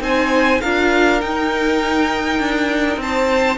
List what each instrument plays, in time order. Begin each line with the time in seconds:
0.00 cello C4, viola D#4, violin C5 G#5
0.61 cello D4, viola F4, violin A#4 F5
1.21 viola D#4, cello D#4, violin G5
2.40 cello D4
2.97 cello C4, violin C5 A5